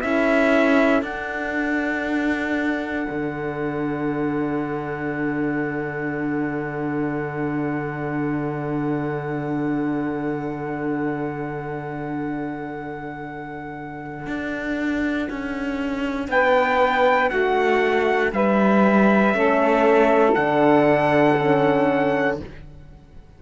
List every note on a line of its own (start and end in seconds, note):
0.00 1.03 C#4
0.00 1.04 E4
0.00 16.27 A4
0.00 1.03 E5
1.03 3.06 D4
1.03 19.33 D4
1.03 16.29 F#5
3.10 14.27 D3
14.27 15.29 D4
15.30 16.29 C#4
16.29 17.30 B3
16.29 17.31 B4
16.29 17.30 G5
17.30 18.32 A3
17.30 18.32 F#4
17.30 18.32 F#5
18.32 19.34 G3
18.32 19.37 B4
18.32 20.35 E5
19.33 20.36 A3
19.33 20.35 C#4
19.33 22.42 A4
20.35 22.41 D3
20.35 21.38 D4
20.35 22.38 F#5
21.39 22.40 C#4